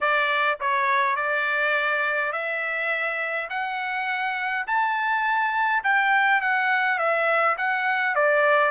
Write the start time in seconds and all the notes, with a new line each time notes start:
0.00 D5
0.60 C#5
1.15 D5
2.32 E5
3.49 F#5
4.66 A5
5.83 G5
6.41 F#5
6.98 E5
7.57 F#5
8.15 D5